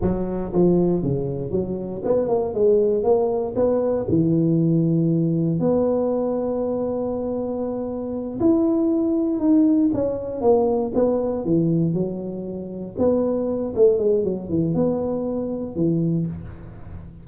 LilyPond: \new Staff \with { instrumentName = "tuba" } { \time 4/4 \tempo 4 = 118 fis4 f4 cis4 fis4 | b8 ais8 gis4 ais4 b4 | e2. b4~ | b1~ |
b8 e'2 dis'4 cis'8~ | cis'8 ais4 b4 e4 fis8~ | fis4. b4. a8 gis8 | fis8 e8 b2 e4 | }